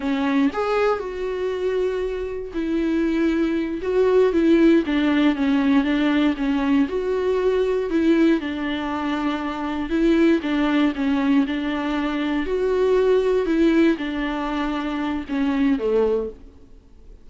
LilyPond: \new Staff \with { instrumentName = "viola" } { \time 4/4 \tempo 4 = 118 cis'4 gis'4 fis'2~ | fis'4 e'2~ e'8 fis'8~ | fis'8 e'4 d'4 cis'4 d'8~ | d'8 cis'4 fis'2 e'8~ |
e'8 d'2. e'8~ | e'8 d'4 cis'4 d'4.~ | d'8 fis'2 e'4 d'8~ | d'2 cis'4 a4 | }